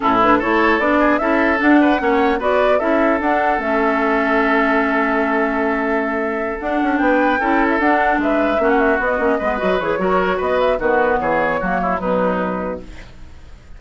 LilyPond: <<
  \new Staff \with { instrumentName = "flute" } { \time 4/4 \tempo 4 = 150 a'8 b'8 cis''4 d''4 e''4 | fis''2 d''4 e''4 | fis''4 e''2.~ | e''1~ |
e''8 fis''4 g''4.~ g''16 e''16 fis''8~ | fis''8 e''4~ e''16 fis''16 e''8 dis''4.~ | dis''8 cis''4. dis''8 e''8 b'4 | cis''2 b'2 | }
  \new Staff \with { instrumentName = "oboe" } { \time 4/4 e'4 a'4. gis'8 a'4~ | a'8 b'8 cis''4 b'4 a'4~ | a'1~ | a'1~ |
a'4. b'4 a'4.~ | a'8 b'4 fis'2 b'8~ | b'4 ais'4 b'4 fis'4 | gis'4 fis'8 e'8 dis'2 | }
  \new Staff \with { instrumentName = "clarinet" } { \time 4/4 cis'8 d'8 e'4 d'4 e'4 | d'4 cis'4 fis'4 e'4 | d'4 cis'2.~ | cis'1~ |
cis'8 d'2 e'4 d'8~ | d'4. cis'4 b8 cis'8 b8 | fis'8 gis'8 fis'2 b4~ | b4 ais4 fis2 | }
  \new Staff \with { instrumentName = "bassoon" } { \time 4/4 a,4 a4 b4 cis'4 | d'4 ais4 b4 cis'4 | d'4 a2.~ | a1~ |
a8 d'8 cis'8 b4 cis'4 d'8~ | d'8 gis4 ais4 b8 ais8 gis8 | fis8 e8 fis4 b4 dis4 | e4 fis4 b,2 | }
>>